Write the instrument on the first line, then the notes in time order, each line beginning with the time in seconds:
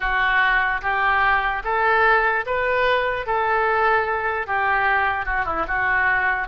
oboe
0.00 F#4
0.81 G4
1.64 A4
2.45 B4
3.26 A4
4.46 G4
5.25 F#4
5.45 E4
5.67 F#4